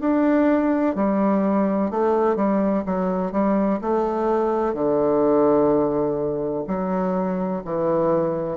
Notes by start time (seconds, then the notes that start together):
0.00 D4
0.95 G3
1.90 A3
2.35 G3
2.85 F#3
3.32 G3
3.81 A3
4.74 D3
6.68 F#3
7.65 E3